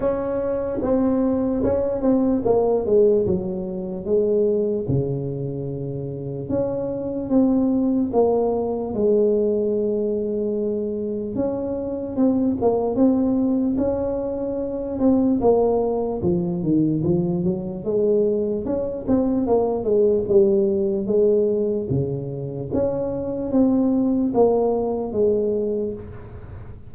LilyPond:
\new Staff \with { instrumentName = "tuba" } { \time 4/4 \tempo 4 = 74 cis'4 c'4 cis'8 c'8 ais8 gis8 | fis4 gis4 cis2 | cis'4 c'4 ais4 gis4~ | gis2 cis'4 c'8 ais8 |
c'4 cis'4. c'8 ais4 | f8 dis8 f8 fis8 gis4 cis'8 c'8 | ais8 gis8 g4 gis4 cis4 | cis'4 c'4 ais4 gis4 | }